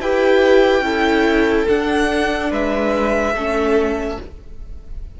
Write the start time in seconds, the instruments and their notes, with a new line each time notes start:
0.00 cello E4, viola G4, violin B4 G5
0.81 cello C#4, viola E4, violin A4
1.68 viola D4, cello D4, violin F#5
2.50 cello G#3, violin B4 E5
3.34 cello A3, viola C#4, violin A4